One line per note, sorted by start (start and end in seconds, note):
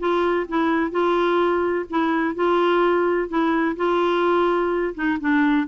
0.00 0.47 F4
0.49 0.91 E4
0.91 1.86 F4
1.90 2.35 E4
2.35 3.29 F4
3.29 3.76 E4
3.77 4.95 F4
4.95 5.19 D#4
5.21 5.68 D4